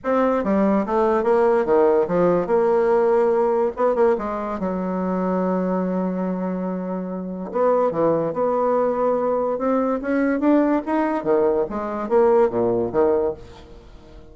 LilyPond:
\new Staff \with { instrumentName = "bassoon" } { \time 4/4 \tempo 4 = 144 c'4 g4 a4 ais4 | dis4 f4 ais2~ | ais4 b8 ais8 gis4 fis4~ | fis1~ |
fis2 b4 e4 | b2. c'4 | cis'4 d'4 dis'4 dis4 | gis4 ais4 ais,4 dis4 | }